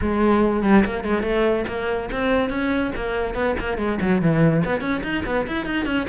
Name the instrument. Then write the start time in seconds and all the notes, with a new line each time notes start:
cello
0.01 G#3
0.63 G3
0.85 A#3
1.04 G#3
1.23 A3
1.67 A#3
2.11 C4
2.49 C#4
2.95 A#3
3.34 B3
3.59 A#3
3.77 G#3
4.01 F#3
4.21 E3
4.65 B3
4.80 C#4
5.03 D#4
5.25 B3
5.47 E4
5.65 D#4
5.85 C#4